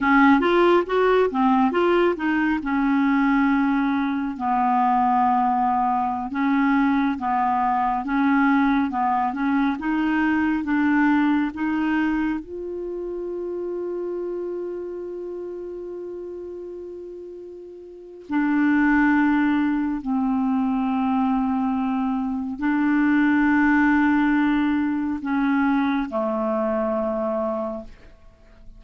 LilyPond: \new Staff \with { instrumentName = "clarinet" } { \time 4/4 \tempo 4 = 69 cis'8 f'8 fis'8 c'8 f'8 dis'8 cis'4~ | cis'4 b2~ b16 cis'8.~ | cis'16 b4 cis'4 b8 cis'8 dis'8.~ | dis'16 d'4 dis'4 f'4.~ f'16~ |
f'1~ | f'4 d'2 c'4~ | c'2 d'2~ | d'4 cis'4 a2 | }